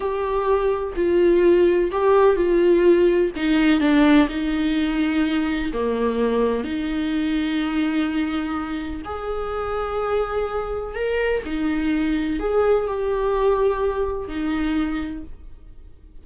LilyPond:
\new Staff \with { instrumentName = "viola" } { \time 4/4 \tempo 4 = 126 g'2 f'2 | g'4 f'2 dis'4 | d'4 dis'2. | ais2 dis'2~ |
dis'2. gis'4~ | gis'2. ais'4 | dis'2 gis'4 g'4~ | g'2 dis'2 | }